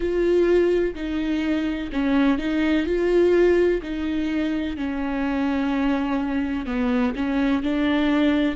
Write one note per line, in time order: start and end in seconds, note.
0.00 0.94 F4
0.94 1.90 D#4
1.92 2.38 C#4
2.38 2.86 D#4
2.86 3.81 F4
3.82 4.76 D#4
4.76 6.65 C#4
6.65 7.13 B3
7.15 7.62 C#4
7.62 8.55 D4